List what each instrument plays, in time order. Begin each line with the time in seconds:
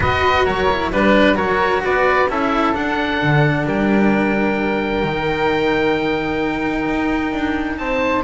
0.00 double bass B3, cello F#4, flute B4, oboe D#5
0.44 double bass F#3, flute A#4, oboe C#5
0.70 cello E4
0.91 double bass G3, cello D4, oboe B4, flute B4
1.35 double bass F#3, cello F#4, flute A#4, oboe C#5
1.84 double bass B3, flute B4, oboe D5
2.28 double bass C#4, cello E4, flute A4, oboe E5
2.73 cello D4, double bass D4, oboe F#5
3.22 double bass D3
3.65 double bass G3, flute A#4, oboe G5
5.02 double bass D#3, cello D#4
6.86 double bass D#4
7.32 double bass D4
7.77 double bass C4, flute C5, oboe A5